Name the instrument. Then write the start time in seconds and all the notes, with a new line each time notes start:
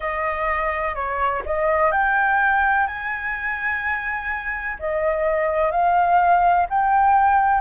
flute
0.00 D#5
0.94 C#5
1.45 D#5
1.91 G5
2.86 G#5
4.79 D#5
5.71 F5
6.69 G5